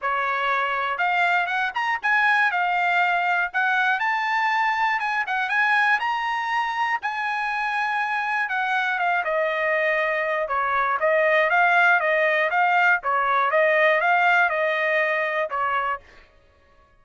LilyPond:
\new Staff \with { instrumentName = "trumpet" } { \time 4/4 \tempo 4 = 120 cis''2 f''4 fis''8 ais''8 | gis''4 f''2 fis''4 | a''2 gis''8 fis''8 gis''4 | ais''2 gis''2~ |
gis''4 fis''4 f''8 dis''4.~ | dis''4 cis''4 dis''4 f''4 | dis''4 f''4 cis''4 dis''4 | f''4 dis''2 cis''4 | }